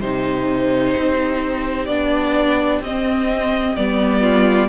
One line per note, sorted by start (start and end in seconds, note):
0.00 0.95 C3
0.00 1.89 D#4
0.00 4.21 G4
0.00 1.86 C5
0.97 1.88 C4
1.86 2.81 B3
1.86 2.82 D4
1.86 2.79 D5
2.81 3.74 C4
2.81 3.77 C4
2.81 3.76 D#5
3.76 4.69 G3
3.76 4.69 B3
3.76 4.69 D5
4.21 4.68 F4